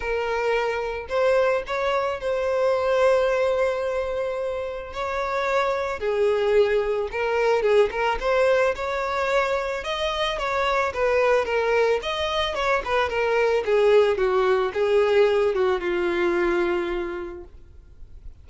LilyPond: \new Staff \with { instrumentName = "violin" } { \time 4/4 \tempo 4 = 110 ais'2 c''4 cis''4 | c''1~ | c''4 cis''2 gis'4~ | gis'4 ais'4 gis'8 ais'8 c''4 |
cis''2 dis''4 cis''4 | b'4 ais'4 dis''4 cis''8 b'8 | ais'4 gis'4 fis'4 gis'4~ | gis'8 fis'8 f'2. | }